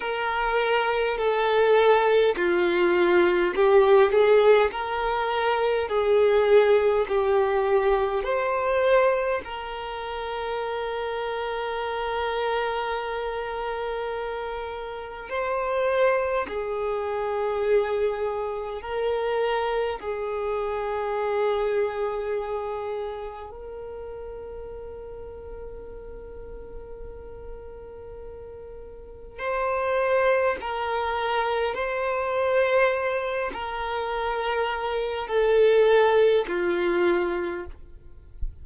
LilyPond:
\new Staff \with { instrumentName = "violin" } { \time 4/4 \tempo 4 = 51 ais'4 a'4 f'4 g'8 gis'8 | ais'4 gis'4 g'4 c''4 | ais'1~ | ais'4 c''4 gis'2 |
ais'4 gis'2. | ais'1~ | ais'4 c''4 ais'4 c''4~ | c''8 ais'4. a'4 f'4 | }